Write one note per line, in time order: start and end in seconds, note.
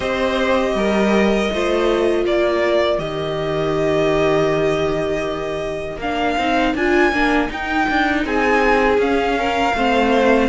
0.00 0.74 C4
0.00 1.48 G4
0.00 0.73 C5
0.00 2.25 D#5
0.74 1.49 G3
0.74 1.51 A#4
1.52 2.24 A3
1.52 2.99 F4
1.52 2.27 C5
2.24 2.98 A#3
2.24 8.25 A#4
2.24 2.99 D5
2.98 5.96 D#3
2.98 5.99 G4
2.98 5.99 D#5
5.96 6.34 A#3
5.96 6.39 D4
5.96 6.75 F5
6.37 6.74 C4
6.37 6.76 D#4
6.74 7.11 D4
6.74 7.13 F4
6.74 7.51 G#5
7.11 7.49 A#3
7.11 7.48 D4
7.48 8.98 D#4
7.48 7.87 D#4
7.48 8.26 G5
7.89 8.25 D4
8.25 8.97 C4
8.25 9.38 G#4
8.25 9.00 G#5
8.97 9.73 C#4
8.97 10.49 F5
9.38 9.75 A#4
9.74 10.49 A3
9.74 10.49 C4
9.74 10.49 C5